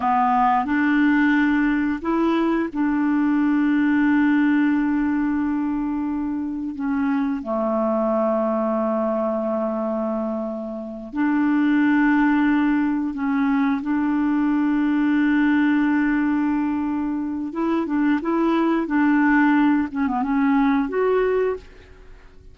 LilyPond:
\new Staff \with { instrumentName = "clarinet" } { \time 4/4 \tempo 4 = 89 b4 d'2 e'4 | d'1~ | d'2 cis'4 a4~ | a1~ |
a8 d'2. cis'8~ | cis'8 d'2.~ d'8~ | d'2 e'8 d'8 e'4 | d'4. cis'16 b16 cis'4 fis'4 | }